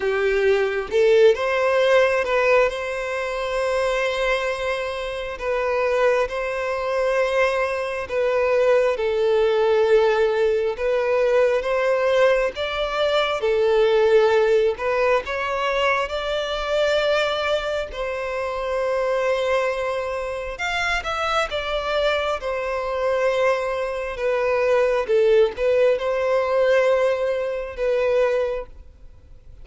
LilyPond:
\new Staff \with { instrumentName = "violin" } { \time 4/4 \tempo 4 = 67 g'4 a'8 c''4 b'8 c''4~ | c''2 b'4 c''4~ | c''4 b'4 a'2 | b'4 c''4 d''4 a'4~ |
a'8 b'8 cis''4 d''2 | c''2. f''8 e''8 | d''4 c''2 b'4 | a'8 b'8 c''2 b'4 | }